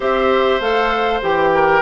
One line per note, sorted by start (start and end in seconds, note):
0.00 0.60 C4
0.00 0.60 G4
0.00 1.50 C5
0.00 0.60 E5
0.60 1.20 A3
0.60 1.21 A4
0.60 1.21 F5
1.21 1.81 E3
1.21 1.81 G4
1.21 1.81 G5
1.54 1.81 A#4